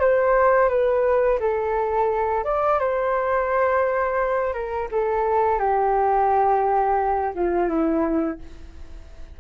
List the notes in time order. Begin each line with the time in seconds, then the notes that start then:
0.00 C5
0.69 B4
1.40 A4
2.44 D5
2.79 C5
4.53 A#4
4.91 A4
5.59 G4
7.34 F4
7.69 E4